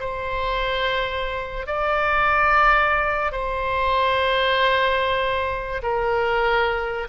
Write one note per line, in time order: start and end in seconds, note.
0.00 1.67 C5
1.67 3.32 D5
3.32 5.82 C5
5.83 7.08 A#4